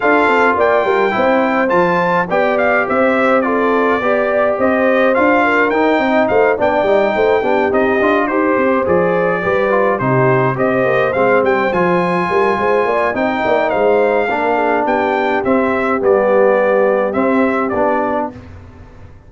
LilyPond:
<<
  \new Staff \with { instrumentName = "trumpet" } { \time 4/4 \tempo 4 = 105 f''4 g''2 a''4 | g''8 f''8 e''4 d''2 | dis''4 f''4 g''4 f''8 g''8~ | g''4. dis''4 c''4 d''8~ |
d''4. c''4 dis''4 f''8 | g''8 gis''2~ gis''8 g''4 | f''2 g''4 e''4 | d''2 e''4 d''4 | }
  \new Staff \with { instrumentName = "horn" } { \time 4/4 a'4 d''8 ais'8 c''2 | d''4 c''4 a'4 d''4 | c''4. ais'4 dis''8 c''8 d''8~ | d''8 c''8 g'4. c''4.~ |
c''8 b'4 g'4 c''4.~ | c''4. ais'8 c''8 d''8 dis''8 d''8 | c''4 ais'8 gis'8 g'2~ | g'1 | }
  \new Staff \with { instrumentName = "trombone" } { \time 4/4 f'2 e'4 f'4 | g'2 f'4 g'4~ | g'4 f'4 dis'4. d'8 | dis'4 d'8 dis'8 f'8 g'4 gis'8~ |
gis'8 g'8 f'8 dis'4 g'4 c'8~ | c'8 f'2~ f'8 dis'4~ | dis'4 d'2 c'4 | b2 c'4 d'4 | }
  \new Staff \with { instrumentName = "tuba" } { \time 4/4 d'8 c'8 ais8 g8 c'4 f4 | b4 c'2 b4 | c'4 d'4 dis'8 c'8 a8 b8 | g8 a8 b8 c'8 d'8 dis'8 c'8 f8~ |
f8 g4 c4 c'8 ais8 gis8 | g8 f4 g8 gis8 ais8 c'8 ais8 | gis4 ais4 b4 c'4 | g2 c'4 b4 | }
>>